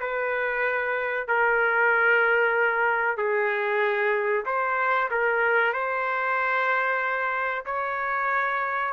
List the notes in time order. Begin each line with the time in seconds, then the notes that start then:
0.00 B4
1.27 A#4
3.17 G#4
4.45 C5
5.11 A#4
5.73 C5
7.65 C#5